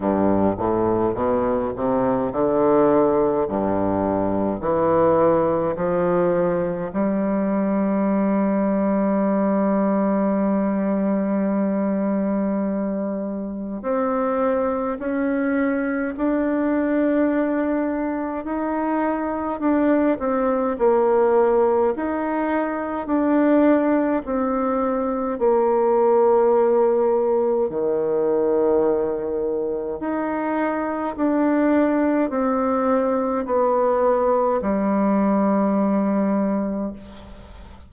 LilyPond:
\new Staff \with { instrumentName = "bassoon" } { \time 4/4 \tempo 4 = 52 g,8 a,8 b,8 c8 d4 g,4 | e4 f4 g2~ | g1 | c'4 cis'4 d'2 |
dis'4 d'8 c'8 ais4 dis'4 | d'4 c'4 ais2 | dis2 dis'4 d'4 | c'4 b4 g2 | }